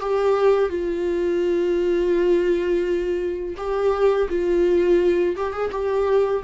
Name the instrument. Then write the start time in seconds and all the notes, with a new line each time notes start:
viola
0.00 G4
0.69 F4
3.57 G4
4.29 F4
5.36 G4
5.53 G#4
5.71 G4